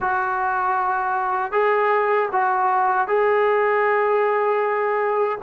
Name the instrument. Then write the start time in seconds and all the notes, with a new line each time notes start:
trombone
0.00 F#4
1.51 G#4
2.32 F#4
3.07 G#4